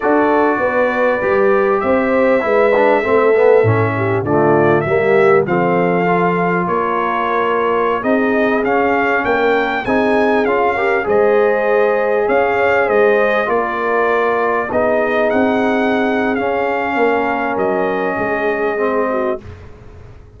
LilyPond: <<
  \new Staff \with { instrumentName = "trumpet" } { \time 4/4 \tempo 4 = 99 d''2. e''4~ | e''2. d''4 | e''4 f''2 cis''4~ | cis''4~ cis''16 dis''4 f''4 g''8.~ |
g''16 gis''4 f''4 dis''4.~ dis''16~ | dis''16 f''4 dis''4 d''4.~ d''16~ | d''16 dis''4 fis''4.~ fis''16 f''4~ | f''4 dis''2. | }
  \new Staff \with { instrumentName = "horn" } { \time 4/4 a'4 b'2 c''4 | b'4 a'4. g'8 f'4 | g'4 a'2 ais'4~ | ais'4~ ais'16 gis'2 ais'8.~ |
ais'16 gis'4. ais'8 c''4.~ c''16~ | c''16 cis''4 c''4 ais'4.~ ais'16~ | ais'16 gis'2.~ gis'8. | ais'2 gis'4. fis'8 | }
  \new Staff \with { instrumentName = "trombone" } { \time 4/4 fis'2 g'2 | e'8 d'8 c'8 b8 cis'4 a4 | ais4 c'4 f'2~ | f'4~ f'16 dis'4 cis'4.~ cis'16~ |
cis'16 dis'4 f'8 g'8 gis'4.~ gis'16~ | gis'2~ gis'16 f'4.~ f'16~ | f'16 dis'2~ dis'8. cis'4~ | cis'2. c'4 | }
  \new Staff \with { instrumentName = "tuba" } { \time 4/4 d'4 b4 g4 c'4 | gis4 a4 a,4 d4 | g4 f2 ais4~ | ais4~ ais16 c'4 cis'4 ais8.~ |
ais16 c'4 cis'4 gis4.~ gis16~ | gis16 cis'4 gis4 ais4.~ ais16~ | ais16 b4 c'4.~ c'16 cis'4 | ais4 fis4 gis2 | }
>>